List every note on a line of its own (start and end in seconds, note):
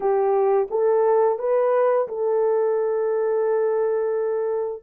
0.00 0.68 G4
0.70 1.38 A4
1.38 2.07 B4
2.08 4.82 A4